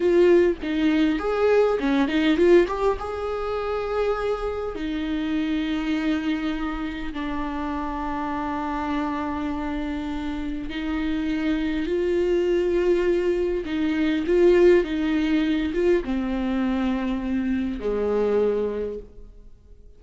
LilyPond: \new Staff \with { instrumentName = "viola" } { \time 4/4 \tempo 4 = 101 f'4 dis'4 gis'4 cis'8 dis'8 | f'8 g'8 gis'2. | dis'1 | d'1~ |
d'2 dis'2 | f'2. dis'4 | f'4 dis'4. f'8 c'4~ | c'2 gis2 | }